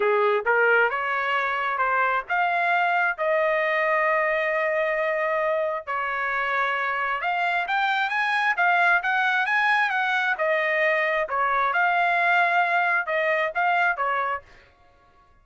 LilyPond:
\new Staff \with { instrumentName = "trumpet" } { \time 4/4 \tempo 4 = 133 gis'4 ais'4 cis''2 | c''4 f''2 dis''4~ | dis''1~ | dis''4 cis''2. |
f''4 g''4 gis''4 f''4 | fis''4 gis''4 fis''4 dis''4~ | dis''4 cis''4 f''2~ | f''4 dis''4 f''4 cis''4 | }